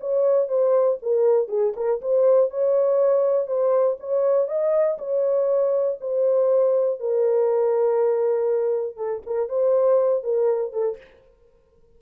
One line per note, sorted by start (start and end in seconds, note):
0.00 0.48 C#5
0.48 0.98 C5
1.02 1.48 A#4
1.48 1.73 G#4
1.76 2.01 A#4
2.01 2.50 C5
2.50 3.47 C#5
3.47 3.97 C5
3.99 4.47 C#5
4.47 4.97 D#5
4.98 5.98 C#5
6.00 6.99 C5
6.99 8.96 A#4
8.96 9.21 A4
9.26 9.49 A#4
9.49 10.23 C5
10.23 10.72 A#4
10.72 10.97 A4